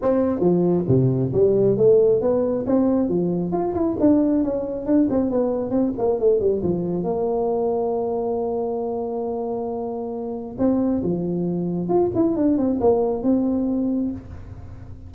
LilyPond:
\new Staff \with { instrumentName = "tuba" } { \time 4/4 \tempo 4 = 136 c'4 f4 c4 g4 | a4 b4 c'4 f4 | f'8 e'8 d'4 cis'4 d'8 c'8 | b4 c'8 ais8 a8 g8 f4 |
ais1~ | ais1 | c'4 f2 f'8 e'8 | d'8 c'8 ais4 c'2 | }